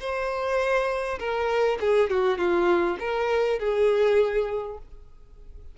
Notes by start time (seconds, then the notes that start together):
0.00 C5
1.19 A#4
1.80 G#4
2.10 F#4
2.38 F4
2.99 A#4
3.59 G#4